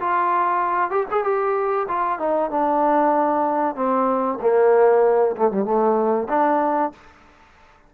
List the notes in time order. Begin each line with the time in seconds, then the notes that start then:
0.00 F4
0.91 G4
1.11 G#4
1.24 G4
1.89 F4
2.19 D#4
2.51 D4
3.76 C4
4.41 A#3
5.37 A3
5.51 G3
5.65 A3
6.30 D4